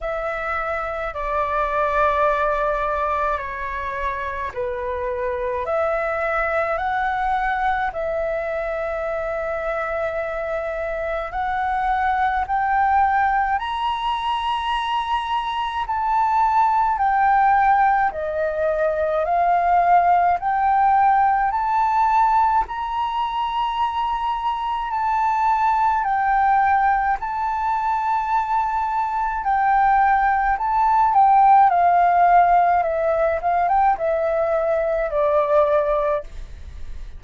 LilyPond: \new Staff \with { instrumentName = "flute" } { \time 4/4 \tempo 4 = 53 e''4 d''2 cis''4 | b'4 e''4 fis''4 e''4~ | e''2 fis''4 g''4 | ais''2 a''4 g''4 |
dis''4 f''4 g''4 a''4 | ais''2 a''4 g''4 | a''2 g''4 a''8 g''8 | f''4 e''8 f''16 g''16 e''4 d''4 | }